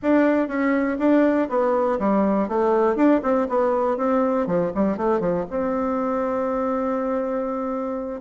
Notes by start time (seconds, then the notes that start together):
0.02 D4
0.48 C#4
0.98 D4
1.49 B3
1.99 G3
2.48 A3
2.95 D4
3.23 C4
3.48 B3
3.97 C4
4.47 F3
4.74 G3
4.97 A3
5.20 F3
5.50 C4